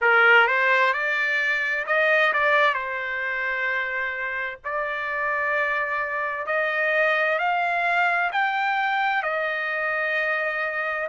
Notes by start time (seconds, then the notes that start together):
0.01 A#4
0.47 C5
0.93 D5
1.86 D#5
2.33 D5
2.74 C5
4.64 D5
6.46 D#5
7.38 F5
8.32 G5
9.23 D#5